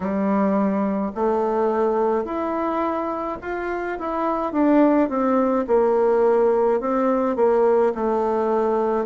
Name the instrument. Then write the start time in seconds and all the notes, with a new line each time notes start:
bassoon
0.00 G3
1.14 A3
2.24 E4
3.41 F4
3.98 E4
4.52 D4
5.09 C4
5.67 A#3
6.80 C4
7.36 A#3
7.95 A3